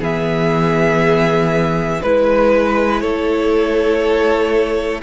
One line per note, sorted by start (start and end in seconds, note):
0.00 2.00 E3
0.00 2.01 B3
0.00 2.01 G#4
0.00 2.02 E5
2.02 3.03 G#3
2.02 5.03 E4
2.02 3.01 B4
2.02 3.02 B4
3.01 5.03 A3
3.01 5.03 A4
3.01 5.01 C#5